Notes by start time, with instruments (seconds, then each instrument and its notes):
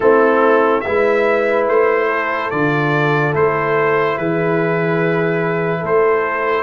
0.00 tuba A3, trombone C4, horn E4, trumpet A4
0.80 tuba G#3, trombone E4, horn B4, trumpet E5
1.67 tuba A3, trumpet C5
2.07 horn A4
2.50 tuba D3, trombone F4, trumpet D5
3.32 tuba A3, trombone E4, trumpet C5
4.17 tuba E3, horn G#4, trumpet B4
5.80 tuba A3, horn A4, trumpet C5